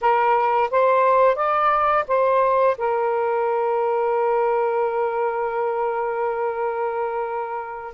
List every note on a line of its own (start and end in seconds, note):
0.01 0.70 A#4
0.71 1.35 C5
1.35 2.04 D5
2.07 2.76 C5
2.77 7.94 A#4